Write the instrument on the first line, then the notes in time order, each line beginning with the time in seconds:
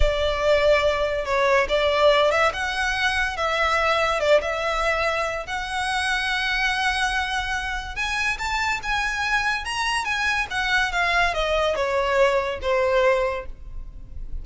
violin
0.00 D5
1.25 C#5
1.68 D5
2.31 E5
2.53 F#5
3.37 E5
4.20 D5
4.41 E5
5.46 F#5
7.95 G#5
8.38 A5
8.82 G#5
9.64 A#5
10.05 G#5
10.50 F#5
10.92 F5
11.34 D#5
11.75 C#5
12.61 C5